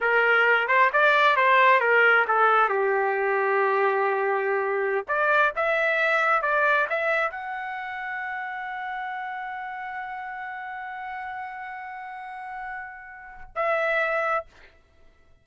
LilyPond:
\new Staff \with { instrumentName = "trumpet" } { \time 4/4 \tempo 4 = 133 ais'4. c''8 d''4 c''4 | ais'4 a'4 g'2~ | g'2.~ g'16 d''8.~ | d''16 e''2 d''4 e''8.~ |
e''16 fis''2.~ fis''8.~ | fis''1~ | fis''1~ | fis''2 e''2 | }